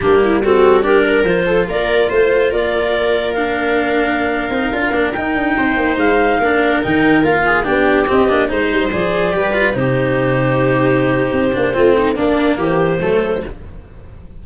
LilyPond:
<<
  \new Staff \with { instrumentName = "clarinet" } { \time 4/4 \tempo 4 = 143 g'4 a'4 ais'4 c''4 | d''4 c''4 d''2 | f''1~ | f''16 g''2 f''4.~ f''16~ |
f''16 g''4 f''4 g''4 dis''8.~ | dis''16 c''4 d''2 c''8.~ | c''1~ | c''4 d''4 c''2 | }
  \new Staff \with { instrumentName = "viola" } { \time 4/4 d'8 e'8 fis'4 g'8 ais'4 a'8 | ais'4 c''4 ais'2~ | ais'1~ | ais'4~ ais'16 c''2 ais'8.~ |
ais'4.~ ais'16 gis'8 g'4.~ g'16~ | g'16 c''2 b'4 g'8.~ | g'1 | f'8 dis'8 d'4 g'4 a'4 | }
  \new Staff \with { instrumentName = "cello" } { \time 4/4 ais4 c'4 d'4 f'4~ | f'1 | d'2~ d'8. dis'8 f'8 d'16~ | d'16 dis'2. d'8.~ |
d'16 dis'4 f'4 d'4 c'8 d'16~ | d'16 dis'4 gis'4 g'8 f'8 dis'8.~ | dis'2.~ dis'8 d'8 | c'4 ais2 a4 | }
  \new Staff \with { instrumentName = "tuba" } { \time 4/4 g2. f4 | ais4 a4 ais2~ | ais2~ ais8. c'8 d'8 ais16~ | ais16 dis'8 d'8 c'8 ais8 gis4 ais8.~ |
ais16 dis4 ais4 b4 c'8 ais16~ | ais16 gis8 g8 f4 g4 c8.~ | c2. c'8 ais8 | a4 ais4 e4 fis4 | }
>>